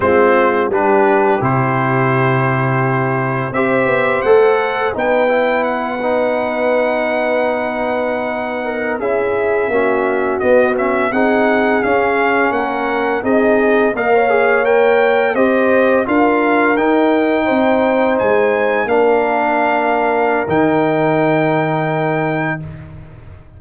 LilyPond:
<<
  \new Staff \with { instrumentName = "trumpet" } { \time 4/4 \tempo 4 = 85 c''4 b'4 c''2~ | c''4 e''4 fis''4 g''4 | fis''1~ | fis''8. e''2 dis''8 e''8 fis''16~ |
fis''8. f''4 fis''4 dis''4 f''16~ | f''8. g''4 dis''4 f''4 g''16~ | g''4.~ g''16 gis''4 f''4~ f''16~ | f''4 g''2. | }
  \new Staff \with { instrumentName = "horn" } { \time 4/4 f'4 g'2.~ | g'4 c''2 b'4~ | b'1~ | b'16 ais'8 gis'4 fis'2 gis'16~ |
gis'4.~ gis'16 ais'4 gis'4 dis''16 | cis''4.~ cis''16 c''4 ais'4~ ais'16~ | ais'8. c''2 ais'4~ ais'16~ | ais'1 | }
  \new Staff \with { instrumentName = "trombone" } { \time 4/4 c'4 d'4 e'2~ | e'4 g'4 a'4 dis'8 e'8~ | e'8 dis'2.~ dis'8~ | dis'8. e'4 cis'4 b8 cis'8 dis'16~ |
dis'8. cis'2 dis'4 ais'16~ | ais'16 gis'8 ais'4 g'4 f'4 dis'16~ | dis'2~ dis'8. d'4~ d'16~ | d'4 dis'2. | }
  \new Staff \with { instrumentName = "tuba" } { \time 4/4 gis4 g4 c2~ | c4 c'8 b8 a4 b4~ | b1~ | b8. cis'4 ais4 b4 c'16~ |
c'8. cis'4 ais4 c'4 ais16~ | ais4.~ ais16 c'4 d'4 dis'16~ | dis'8. c'4 gis4 ais4~ ais16~ | ais4 dis2. | }
>>